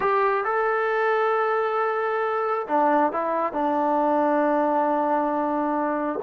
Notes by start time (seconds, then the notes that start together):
0.00 G4
0.44 A4
2.68 D4
3.12 E4
3.52 D4